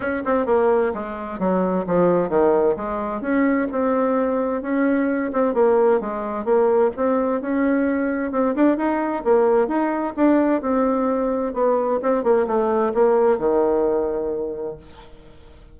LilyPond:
\new Staff \with { instrumentName = "bassoon" } { \time 4/4 \tempo 4 = 130 cis'8 c'8 ais4 gis4 fis4 | f4 dis4 gis4 cis'4 | c'2 cis'4. c'8 | ais4 gis4 ais4 c'4 |
cis'2 c'8 d'8 dis'4 | ais4 dis'4 d'4 c'4~ | c'4 b4 c'8 ais8 a4 | ais4 dis2. | }